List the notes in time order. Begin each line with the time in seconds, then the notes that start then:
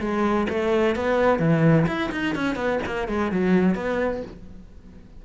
0.00 G#3
0.49 A3
0.96 B3
1.39 E3
1.87 E4
2.12 D#4
2.35 C#4
2.56 B3
2.86 A#3
3.08 G#3
3.31 F#3
3.75 B3